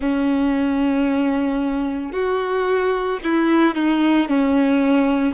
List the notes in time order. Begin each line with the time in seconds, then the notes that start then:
0.00 C#4
2.12 F#4
3.23 E4
3.75 D#4
4.28 C#4